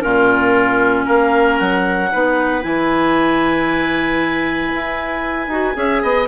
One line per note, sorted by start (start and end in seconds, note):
0.00 1.07 A#2
0.00 2.09 C#4
0.00 1.05 F4
0.00 1.05 A#4
1.05 1.60 A#3
1.05 2.09 A#4
1.05 1.58 F5
1.58 2.12 F#3
1.58 2.62 F#5
2.11 2.64 B3
2.11 2.61 D#4
2.11 5.76 B4
2.61 4.72 E3
2.61 5.48 E4
2.61 6.27 G#5
4.73 5.47 E4
5.47 5.73 D#4
5.47 5.73 F#4
5.73 6.02 C#4
5.73 6.26 G#4
5.73 6.02 E5
6.02 6.27 B3
6.02 6.27 D#5